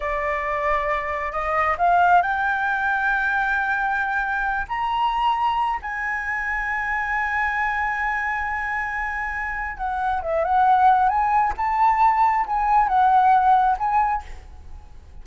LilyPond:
\new Staff \with { instrumentName = "flute" } { \time 4/4 \tempo 4 = 135 d''2. dis''4 | f''4 g''2.~ | g''2~ g''8 ais''4.~ | ais''4 gis''2.~ |
gis''1~ | gis''2 fis''4 e''8 fis''8~ | fis''4 gis''4 a''2 | gis''4 fis''2 gis''4 | }